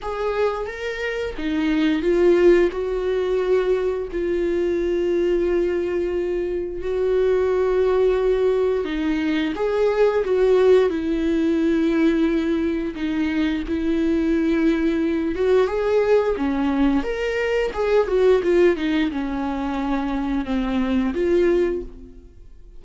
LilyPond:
\new Staff \with { instrumentName = "viola" } { \time 4/4 \tempo 4 = 88 gis'4 ais'4 dis'4 f'4 | fis'2 f'2~ | f'2 fis'2~ | fis'4 dis'4 gis'4 fis'4 |
e'2. dis'4 | e'2~ e'8 fis'8 gis'4 | cis'4 ais'4 gis'8 fis'8 f'8 dis'8 | cis'2 c'4 f'4 | }